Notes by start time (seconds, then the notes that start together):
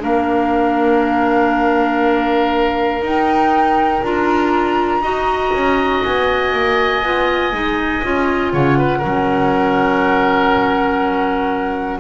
0.00 A#3 D4 A#4 F5
3.01 D#4 G5
4.02 D4 F4 A#5
5.01 D#4 F#4 D#5
5.53 C#4
6.03 B3 G#5
6.52 A#3
7.03 B3 F4
7.52 G#3 D#4
8.03 C#4 F4
8.52 C#3 C#5 F#5
8.78 B4
8.98 F#3 C#4 A#4